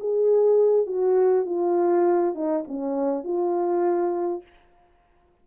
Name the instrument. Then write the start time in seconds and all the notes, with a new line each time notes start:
horn
0.00 G#4
0.86 F#4
1.46 F4
2.35 D#4
2.68 C#4
3.24 F4